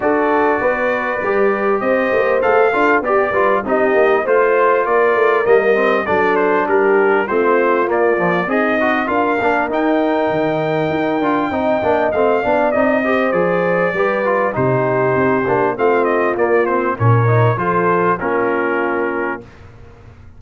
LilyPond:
<<
  \new Staff \with { instrumentName = "trumpet" } { \time 4/4 \tempo 4 = 99 d''2. dis''4 | f''4 d''4 dis''4 c''4 | d''4 dis''4 d''8 c''8 ais'4 | c''4 d''4 dis''4 f''4 |
g''1 | f''4 dis''4 d''2 | c''2 f''8 dis''8 d''8 c''8 | cis''4 c''4 ais'2 | }
  \new Staff \with { instrumentName = "horn" } { \time 4/4 a'4 b'2 c''4~ | c''8 a'8 g'8 b'8 g'4 c''4 | ais'2 a'4 g'4 | f'2 dis'4 ais'4~ |
ais'2. dis''4~ | dis''8 d''4 c''4. b'4 | g'2 f'2 | ais'4 a'4 f'2 | }
  \new Staff \with { instrumentName = "trombone" } { \time 4/4 fis'2 g'2 | a'8 f'8 g'8 f'8 dis'4 f'4~ | f'4 ais8 c'8 d'2 | c'4 ais8 f8 gis'8 fis'8 f'8 d'8 |
dis'2~ dis'8 f'8 dis'8 d'8 | c'8 d'8 dis'8 g'8 gis'4 g'8 f'8 | dis'4. d'8 c'4 ais8 c'8 | cis'8 dis'8 f'4 cis'2 | }
  \new Staff \with { instrumentName = "tuba" } { \time 4/4 d'4 b4 g4 c'8 ais8 | a8 d'8 b8 g8 c'8 ais8 a4 | ais8 a8 g4 fis4 g4 | a4 ais4 c'4 d'8 ais8 |
dis'4 dis4 dis'8 d'8 c'8 ais8 | a8 b8 c'4 f4 g4 | c4 c'8 ais8 a4 ais4 | ais,4 f4 ais2 | }
>>